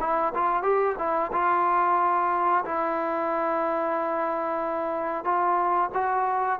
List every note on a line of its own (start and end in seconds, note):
0.00 0.33 E4
0.34 0.63 F4
0.63 0.96 G4
0.98 1.31 E4
1.32 2.64 F4
2.65 5.24 E4
5.24 5.90 F4
5.94 6.59 F#4